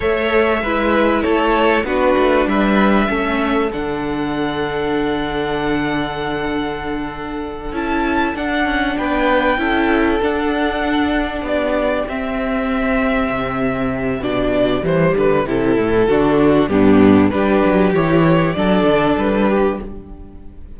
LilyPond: <<
  \new Staff \with { instrumentName = "violin" } { \time 4/4 \tempo 4 = 97 e''2 cis''4 b'4 | e''2 fis''2~ | fis''1~ | fis''8 a''4 fis''4 g''4.~ |
g''8 fis''2 d''4 e''8~ | e''2. d''4 | c''8 b'8 a'2 g'4 | b'4 cis''4 d''4 b'4 | }
  \new Staff \with { instrumentName = "violin" } { \time 4/4 cis''4 b'4 a'4 fis'4 | b'4 a'2.~ | a'1~ | a'2~ a'8 b'4 a'8~ |
a'2~ a'8 g'4.~ | g'1~ | g'2 fis'4 d'4 | g'2 a'4. g'8 | }
  \new Staff \with { instrumentName = "viola" } { \time 4/4 a'4 e'2 d'4~ | d'4 cis'4 d'2~ | d'1~ | d'8 e'4 d'2 e'8~ |
e'8 d'2. c'8~ | c'2. d'4 | g4 e'4 d'4 b4 | d'4 e'4 d'2 | }
  \new Staff \with { instrumentName = "cello" } { \time 4/4 a4 gis4 a4 b8 a8 | g4 a4 d2~ | d1~ | d8 cis'4 d'8 cis'8 b4 cis'8~ |
cis'8 d'2 b4 c'8~ | c'4. c4. b,4 | e8 d8 c8 a,8 d4 g,4 | g8 fis8 e4 fis8 d8 g4 | }
>>